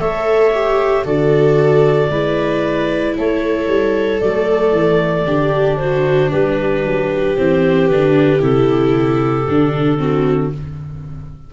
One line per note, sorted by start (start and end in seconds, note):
0.00 1.05 A3
0.00 0.53 A4
0.00 1.05 C#5
0.00 1.05 E5
0.54 1.05 G4
1.05 2.10 D3
1.05 2.10 F#4
1.05 2.10 A4
1.05 3.17 D5
2.10 3.15 G#3
2.10 4.22 E4
2.10 3.16 B4
3.18 3.68 A3
3.18 5.27 A4
3.18 4.21 C#5
3.68 4.20 G3
4.21 4.73 F#3
4.21 5.27 A3
4.21 5.78 D5
4.73 5.25 E3
5.25 6.30 D3
5.25 7.37 D4
5.25 5.80 G4
5.78 6.31 F#4
5.78 6.30 C5
6.31 6.85 G3
6.31 9.99 G4
6.31 7.37 B4
6.85 7.38 F#3
7.37 7.89 E3
7.37 7.90 C4
7.37 7.89 C5
7.89 8.42 D3
7.89 8.40 D4
7.89 8.41 B4
8.40 9.47 C3
8.40 9.45 E4
8.40 10.53 A4
9.48 10.54 D3
9.48 9.98 D4
9.98 10.51 C4
9.98 10.52 F#4